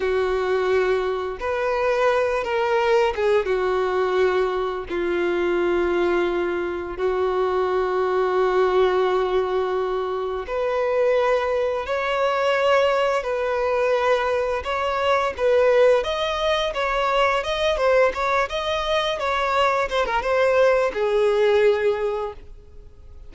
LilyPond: \new Staff \with { instrumentName = "violin" } { \time 4/4 \tempo 4 = 86 fis'2 b'4. ais'8~ | ais'8 gis'8 fis'2 f'4~ | f'2 fis'2~ | fis'2. b'4~ |
b'4 cis''2 b'4~ | b'4 cis''4 b'4 dis''4 | cis''4 dis''8 c''8 cis''8 dis''4 cis''8~ | cis''8 c''16 ais'16 c''4 gis'2 | }